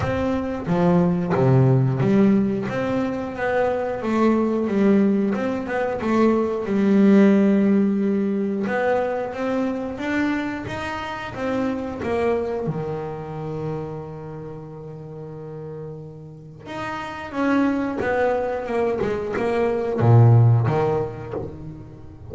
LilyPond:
\new Staff \with { instrumentName = "double bass" } { \time 4/4 \tempo 4 = 90 c'4 f4 c4 g4 | c'4 b4 a4 g4 | c'8 b8 a4 g2~ | g4 b4 c'4 d'4 |
dis'4 c'4 ais4 dis4~ | dis1~ | dis4 dis'4 cis'4 b4 | ais8 gis8 ais4 ais,4 dis4 | }